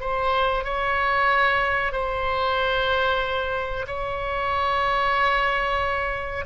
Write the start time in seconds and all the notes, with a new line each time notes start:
0.00 C5
0.65 C#5
1.92 C5
3.87 C#5